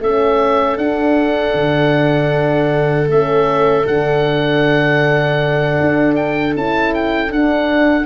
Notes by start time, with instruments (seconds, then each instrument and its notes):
0.00 tuba A3, horn C#4, viola A4, oboe E5
0.78 tuba D4, horn D4, oboe F#5
1.54 tuba D3
3.08 tuba A3, horn C#4, oboe E5
3.84 tuba D3, horn D4, oboe F#5
5.81 tuba D4
6.15 oboe G5
6.55 tuba C#4, horn E4, oboe A5
6.94 oboe G5
7.28 horn D4, tuba D4, oboe F#5